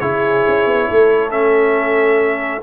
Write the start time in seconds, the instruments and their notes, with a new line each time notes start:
0.00 tuba C#3, trombone E4, horn G#4, trumpet C#5
0.48 tuba C#4
0.67 tuba B3
0.88 tuba A3, horn A4
1.31 trombone C#4, trumpet E5